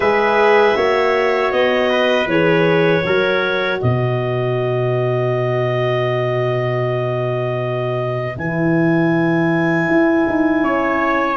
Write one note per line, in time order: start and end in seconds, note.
0.00 0.75 G#3
0.00 0.75 G#4
0.00 0.76 B4
0.00 1.52 E5
0.75 1.51 A#3
0.75 2.27 F#4
0.75 1.90 C#5
1.51 2.26 B3
1.51 2.28 D#5
1.91 3.04 B4
2.26 3.02 E3
2.26 3.02 G#4
2.26 3.80 C#5
3.02 3.80 F#3
3.02 8.34 F#4
3.02 3.80 A#4
3.80 8.36 B2
3.80 10.63 B4
3.80 8.36 D#5
8.36 9.88 E3
8.36 11.36 E4
8.36 11.36 G#5
9.88 10.26 E4
10.27 10.63 D#4
10.63 11.36 C#4
10.63 11.36 C#5